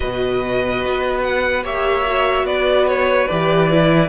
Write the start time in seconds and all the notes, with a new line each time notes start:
0.00 B2 F#4 B4 D#5
0.84 B3
1.22 F#5
1.63 A#3 G4 C#5 E5
2.07 F#4
2.43 B3 B4 D5
2.87 C#5
3.27 E3 G4 D5
3.71 E4